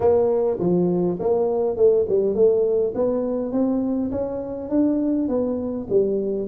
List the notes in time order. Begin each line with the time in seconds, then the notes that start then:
0.00 A#3
0.59 F3
1.19 A#3
1.76 A3
2.08 G3
2.34 A3
2.94 B3
3.52 C4
4.11 C#4
4.69 D4
5.28 B3
5.89 G3